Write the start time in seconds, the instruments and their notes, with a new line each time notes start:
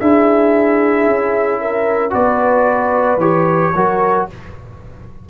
0.00 tuba D4, trombone E4, horn G#4, trumpet E5
1.07 tuba C#4
1.61 horn A#4
2.10 tuba B3, trombone F#4, horn B4, trumpet D5
3.17 tuba E3, trombone G4, trumpet C#5
3.74 tuba F#3, trombone F#4, horn A#4